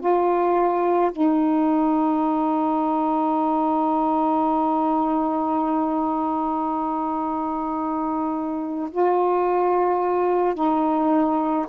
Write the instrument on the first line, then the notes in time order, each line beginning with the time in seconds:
saxophone
0.00 F4
1.12 D#4
8.91 F4
10.55 D#4